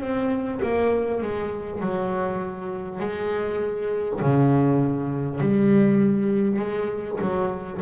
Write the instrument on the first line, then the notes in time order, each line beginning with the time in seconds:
double bass
0.00 C4
0.62 A#3
1.22 G#3
1.81 F#3
2.99 G#3
4.21 C#3
5.40 G3
6.59 G#3
7.21 F#3